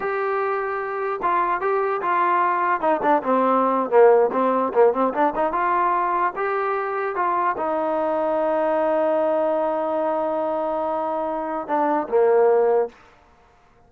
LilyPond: \new Staff \with { instrumentName = "trombone" } { \time 4/4 \tempo 4 = 149 g'2. f'4 | g'4 f'2 dis'8 d'8 | c'4.~ c'16 ais4 c'4 ais16~ | ais16 c'8 d'8 dis'8 f'2 g'16~ |
g'4.~ g'16 f'4 dis'4~ dis'16~ | dis'1~ | dis'1~ | dis'4 d'4 ais2 | }